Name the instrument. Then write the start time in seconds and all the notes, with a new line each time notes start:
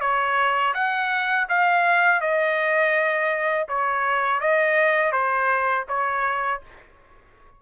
trumpet
0.00 C#5
0.74 F#5
1.48 F5
2.21 D#5
3.68 C#5
4.40 D#5
5.12 C5
5.88 C#5